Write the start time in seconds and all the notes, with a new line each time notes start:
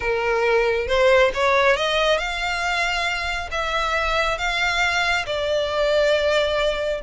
0.00 A#4
0.87 C5
1.34 C#5
1.76 D#5
2.18 F5
3.51 E5
4.38 F5
5.26 D5